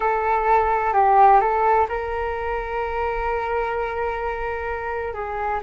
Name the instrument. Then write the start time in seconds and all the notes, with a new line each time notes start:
flute
0.00 A4
0.93 G4
1.40 A4
1.88 A#4
5.13 G#4